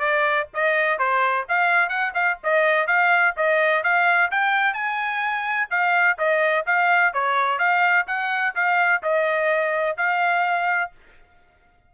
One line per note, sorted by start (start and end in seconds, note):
0.00 0.47 D5
0.54 0.99 D#5
0.99 1.46 C5
1.49 1.89 F5
1.89 2.13 F#5
2.15 2.38 F5
2.44 2.88 D#5
2.88 3.35 F5
3.37 3.84 D#5
3.84 4.31 F5
4.31 4.74 G5
4.74 5.69 G#5
5.71 6.18 F5
6.18 6.66 D#5
6.66 7.14 F5
7.14 7.59 C#5
7.59 8.06 F5
8.07 8.55 F#5
8.55 9.03 F5
9.03 9.97 D#5
9.97 10.92 F5